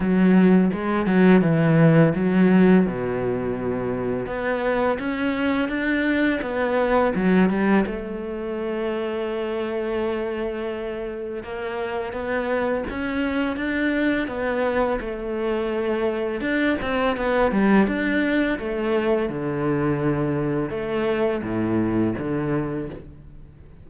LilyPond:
\new Staff \with { instrumentName = "cello" } { \time 4/4 \tempo 4 = 84 fis4 gis8 fis8 e4 fis4 | b,2 b4 cis'4 | d'4 b4 fis8 g8 a4~ | a1 |
ais4 b4 cis'4 d'4 | b4 a2 d'8 c'8 | b8 g8 d'4 a4 d4~ | d4 a4 a,4 d4 | }